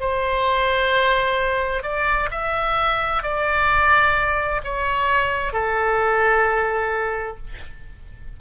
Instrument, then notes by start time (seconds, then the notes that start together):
oboe
0.00 C5
1.83 D5
2.30 E5
3.23 D5
4.64 C#5
5.53 A4